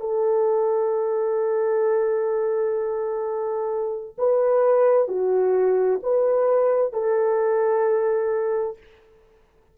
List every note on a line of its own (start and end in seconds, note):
0.00 4.15 A4
4.18 5.08 B4
5.08 6.00 F#4
6.03 6.93 B4
6.93 8.77 A4